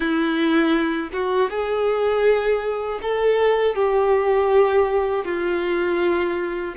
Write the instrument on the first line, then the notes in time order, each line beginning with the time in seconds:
violin
0.00 E4
1.12 F#4
1.50 G#4
3.02 A4
3.75 G4
5.24 F4